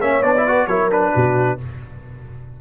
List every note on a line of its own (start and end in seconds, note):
0.00 0.23 A#3
0.00 0.23 C#4
0.00 0.45 C#5
0.00 0.22 E5
0.22 0.67 B3
0.22 0.34 D4
0.22 0.67 D5
0.37 0.47 E4
0.45 0.69 F#4
0.45 0.68 B4
0.67 1.12 F#3
0.67 0.90 E4
0.67 1.14 A#4
0.67 0.89 C#5
0.90 1.58 D4
0.90 1.59 B4
1.14 1.60 B2
1.14 1.60 F#4